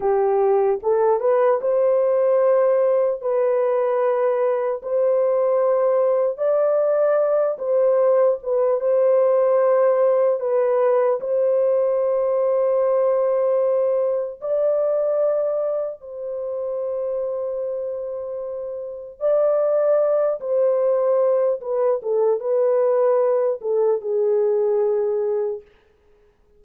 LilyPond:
\new Staff \with { instrumentName = "horn" } { \time 4/4 \tempo 4 = 75 g'4 a'8 b'8 c''2 | b'2 c''2 | d''4. c''4 b'8 c''4~ | c''4 b'4 c''2~ |
c''2 d''2 | c''1 | d''4. c''4. b'8 a'8 | b'4. a'8 gis'2 | }